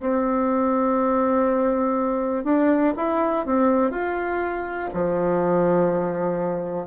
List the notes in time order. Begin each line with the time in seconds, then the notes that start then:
0.00 C4
2.44 D4
2.96 E4
3.46 C4
3.91 F4
4.93 F3